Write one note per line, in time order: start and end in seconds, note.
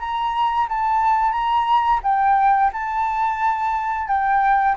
0.00 0.68 A#5
0.69 1.32 A5
1.32 2.01 A#5
2.04 2.72 G5
2.73 4.08 A5
4.08 4.76 G5